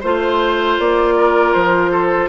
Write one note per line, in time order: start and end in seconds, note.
0.00 0.79 A3
0.00 2.28 F4
0.00 1.14 C5
0.00 0.79 C5
0.79 1.55 A#3
0.79 1.53 D5
1.17 1.91 A#4
1.53 2.28 F3
1.53 2.28 C5
1.91 2.28 A4